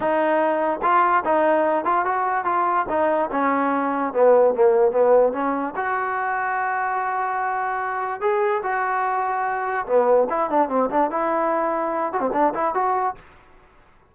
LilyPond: \new Staff \with { instrumentName = "trombone" } { \time 4/4 \tempo 4 = 146 dis'2 f'4 dis'4~ | dis'8 f'8 fis'4 f'4 dis'4 | cis'2 b4 ais4 | b4 cis'4 fis'2~ |
fis'1 | gis'4 fis'2. | b4 e'8 d'8 c'8 d'8 e'4~ | e'4. fis'16 c'16 d'8 e'8 fis'4 | }